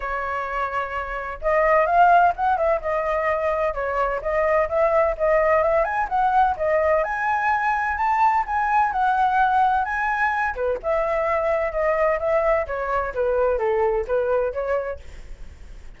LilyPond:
\new Staff \with { instrumentName = "flute" } { \time 4/4 \tempo 4 = 128 cis''2. dis''4 | f''4 fis''8 e''8 dis''2 | cis''4 dis''4 e''4 dis''4 | e''8 gis''8 fis''4 dis''4 gis''4~ |
gis''4 a''4 gis''4 fis''4~ | fis''4 gis''4. b'8 e''4~ | e''4 dis''4 e''4 cis''4 | b'4 a'4 b'4 cis''4 | }